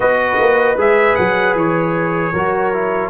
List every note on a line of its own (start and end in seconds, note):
0.00 0.37 B3
0.00 0.76 F#4
0.00 2.33 B4
0.00 0.78 D#5
0.39 0.76 A#3
0.76 1.15 G#3
0.76 2.34 G#4
0.76 1.15 E5
1.15 1.54 F#3
1.15 1.54 F#5
1.54 2.32 E3
1.54 3.09 C#5
2.33 3.09 F#3
2.33 2.73 F#4
2.33 3.09 A#4
2.73 3.09 E4